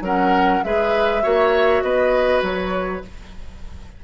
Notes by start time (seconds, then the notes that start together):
0.00 F#3 C#4 A#4 F#5
0.63 G#3 G#4 B4 E5
1.22 A#3 F#4 C#5
1.82 B3 B4 D#5
2.41 F#3 C#5